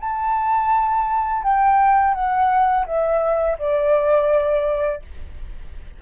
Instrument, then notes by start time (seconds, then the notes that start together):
flute
0.00 A5
1.43 G5
2.14 F#5
2.86 E5
3.59 D5